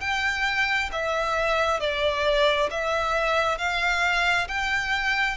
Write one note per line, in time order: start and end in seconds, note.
0.00 0.90 G5
0.92 1.80 E5
1.80 2.69 D5
2.70 3.57 E5
3.57 4.47 F5
4.48 5.37 G5